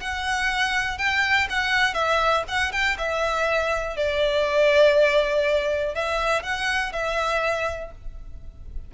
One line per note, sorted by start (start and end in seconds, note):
0.00 0.98 F#5
0.98 1.47 G5
1.49 1.94 F#5
1.94 2.43 E5
2.47 2.72 F#5
2.72 2.96 G5
2.98 3.96 E5
3.96 5.94 D5
5.94 6.43 E5
6.43 6.92 F#5
6.92 7.91 E5